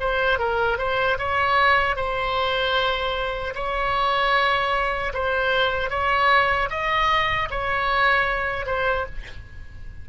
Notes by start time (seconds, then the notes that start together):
0.00 C5
0.39 A#4
0.78 C5
1.19 C#5
1.96 C5
3.55 C#5
5.14 C5
5.90 C#5
6.70 D#5
7.51 C#5
8.66 C5